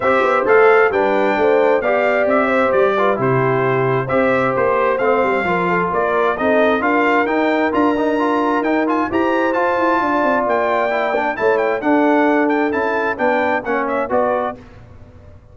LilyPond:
<<
  \new Staff \with { instrumentName = "trumpet" } { \time 4/4 \tempo 4 = 132 e''4 f''4 g''2 | f''4 e''4 d''4 c''4~ | c''4 e''4 c''4 f''4~ | f''4 d''4 dis''4 f''4 |
g''4 ais''2 g''8 gis''8 | ais''4 a''2 g''4~ | g''4 a''8 g''8 fis''4. g''8 | a''4 g''4 fis''8 e''8 d''4 | }
  \new Staff \with { instrumentName = "horn" } { \time 4/4 c''2 b'4 c''4 | d''4. c''4 b'8 g'4~ | g'4 c''2. | ais'8 a'8 ais'4 a'4 ais'4~ |
ais'1 | c''2 d''2~ | d''4 cis''4 a'2~ | a'4 b'4 cis''4 b'4 | }
  \new Staff \with { instrumentName = "trombone" } { \time 4/4 g'4 a'4 d'2 | g'2~ g'8 f'8 e'4~ | e'4 g'2 c'4 | f'2 dis'4 f'4 |
dis'4 f'8 dis'8 f'4 dis'8 f'8 | g'4 f'2. | e'8 d'8 e'4 d'2 | e'4 d'4 cis'4 fis'4 | }
  \new Staff \with { instrumentName = "tuba" } { \time 4/4 c'8 b8 a4 g4 a4 | b4 c'4 g4 c4~ | c4 c'4 ais4 a8 g8 | f4 ais4 c'4 d'4 |
dis'4 d'2 dis'4 | e'4 f'8 e'8 d'8 c'8 ais4~ | ais4 a4 d'2 | cis'4 b4 ais4 b4 | }
>>